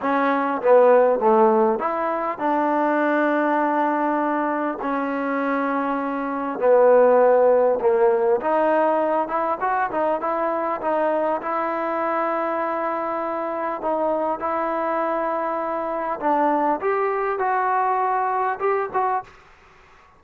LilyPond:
\new Staff \with { instrumentName = "trombone" } { \time 4/4 \tempo 4 = 100 cis'4 b4 a4 e'4 | d'1 | cis'2. b4~ | b4 ais4 dis'4. e'8 |
fis'8 dis'8 e'4 dis'4 e'4~ | e'2. dis'4 | e'2. d'4 | g'4 fis'2 g'8 fis'8 | }